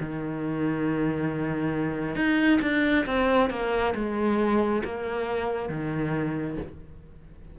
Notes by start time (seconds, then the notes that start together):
0.00 D#3
2.16 D#4
2.61 D4
3.06 C4
3.50 A#3
3.95 G#3
4.84 A#3
5.70 D#3